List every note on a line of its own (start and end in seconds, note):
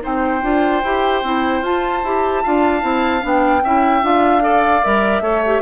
0.00 0.42 C4
0.00 0.40 D#4
0.00 2.43 C5
0.00 1.64 G5
0.42 0.82 D4
0.42 0.83 F4
0.83 1.23 E4
0.83 1.24 G4
1.23 1.61 C4
1.23 1.63 E4
1.61 2.01 F4
1.61 2.03 F4
1.61 3.24 A5
2.04 2.44 E4
2.04 2.44 G4
2.43 2.83 D4
2.43 2.80 F4
2.43 3.63 F5
2.80 3.23 C4
2.80 3.20 E4
3.21 3.62 B3
3.21 3.61 D4
3.21 4.05 G5
3.62 4.02 C#4
3.62 4.02 E4
3.62 4.43 E5
4.02 4.83 D4
4.02 4.41 F4
4.02 4.84 F5
4.41 4.81 A4
4.41 5.22 D5
4.83 5.20 G3
4.83 5.23 A#4
4.83 5.62 E5
5.20 5.60 A3
5.20 5.43 A4
5.20 5.62 C#5
5.46 5.62 G4